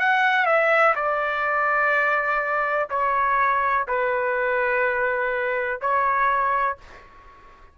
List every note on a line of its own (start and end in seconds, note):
0.00 0.46 F#5
0.46 0.95 E5
0.96 2.89 D5
2.90 3.87 C#5
3.88 5.82 B4
5.82 6.78 C#5